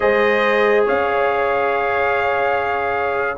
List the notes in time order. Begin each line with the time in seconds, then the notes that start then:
0.00 G#3 G#4 C5 D#5
0.85 C#4 C#5 F5